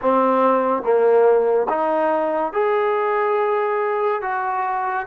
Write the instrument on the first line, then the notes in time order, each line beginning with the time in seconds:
trombone
0.01 C4
0.82 A#3
1.69 D#4
2.52 G#4
4.21 F#4